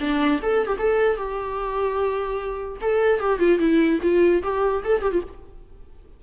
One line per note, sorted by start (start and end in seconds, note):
0.00 0.40 D4
0.42 0.67 A4
0.67 0.77 G4
0.78 1.16 A4
1.16 2.77 G4
2.81 3.20 A4
3.20 3.39 G4
3.39 3.59 F4
3.59 3.99 E4
4.02 4.42 F4
4.43 4.83 G4
4.84 5.02 A4
5.02 5.12 G4
5.12 5.22 F4